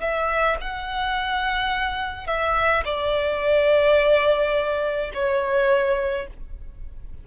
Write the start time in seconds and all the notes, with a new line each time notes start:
0.00 E5
0.60 F#5
2.26 E5
2.85 D5
5.14 C#5